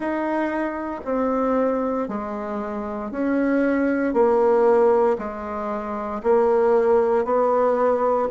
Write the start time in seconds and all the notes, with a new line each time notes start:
0.00 D#4
1.04 C4
2.08 G#3
3.11 C#4
4.13 A#3
5.18 G#3
6.23 A#3
7.24 B3